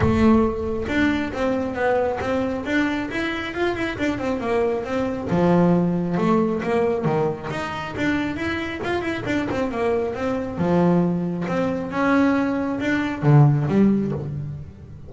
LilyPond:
\new Staff \with { instrumentName = "double bass" } { \time 4/4 \tempo 4 = 136 a2 d'4 c'4 | b4 c'4 d'4 e'4 | f'8 e'8 d'8 c'8 ais4 c'4 | f2 a4 ais4 |
dis4 dis'4 d'4 e'4 | f'8 e'8 d'8 c'8 ais4 c'4 | f2 c'4 cis'4~ | cis'4 d'4 d4 g4 | }